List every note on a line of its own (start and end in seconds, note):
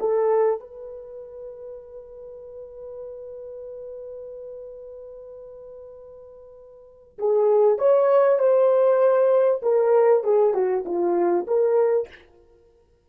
0.00 0.60 A4
0.60 7.18 B4
7.19 7.79 G#4
7.79 8.39 C#5
8.39 9.61 C5
9.63 10.24 A#4
10.24 10.54 G#4
10.54 10.85 F#4
10.85 11.47 F4
11.47 12.09 A#4